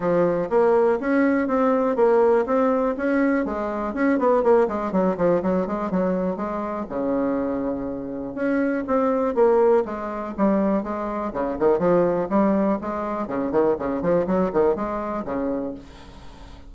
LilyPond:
\new Staff \with { instrumentName = "bassoon" } { \time 4/4 \tempo 4 = 122 f4 ais4 cis'4 c'4 | ais4 c'4 cis'4 gis4 | cis'8 b8 ais8 gis8 fis8 f8 fis8 gis8 | fis4 gis4 cis2~ |
cis4 cis'4 c'4 ais4 | gis4 g4 gis4 cis8 dis8 | f4 g4 gis4 cis8 dis8 | cis8 f8 fis8 dis8 gis4 cis4 | }